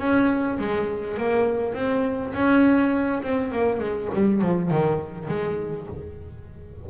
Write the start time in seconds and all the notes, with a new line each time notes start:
0.00 C#4
0.59 G#3
1.18 A#3
1.75 C4
2.34 C#4
3.23 C4
3.52 A#3
3.80 G#3
4.15 G3
4.42 F3
4.71 D#3
5.29 G#3